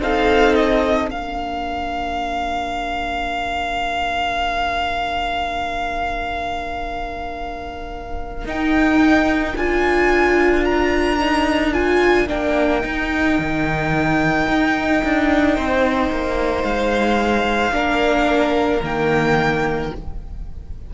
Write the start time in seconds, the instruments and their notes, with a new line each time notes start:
0.00 cello C4, viola D#4, violin A4 F5
0.55 violin D#5
1.07 cello A#3, viola D4, violin A#4 F5
8.45 cello D#4, viola D#4, violin G5
9.55 cello D4, viola F4, violin G#5
10.64 violin A#5
11.19 viola D#4
11.73 viola F4, violin G#5
12.27 cello A#3, viola D4, violin G5
12.80 viola D#4, cello D#4
13.38 cello D#3
14.47 cello D#4
15.03 cello D4
15.55 cello C4, violin C5
16.11 cello A#3
16.63 cello G#3, violin F5
17.71 cello A#3, viola D4, violin A#4
18.82 cello D#3, viola A#3, violin G5